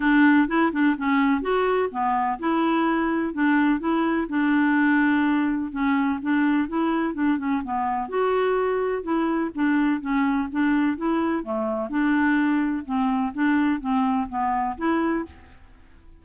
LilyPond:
\new Staff \with { instrumentName = "clarinet" } { \time 4/4 \tempo 4 = 126 d'4 e'8 d'8 cis'4 fis'4 | b4 e'2 d'4 | e'4 d'2. | cis'4 d'4 e'4 d'8 cis'8 |
b4 fis'2 e'4 | d'4 cis'4 d'4 e'4 | a4 d'2 c'4 | d'4 c'4 b4 e'4 | }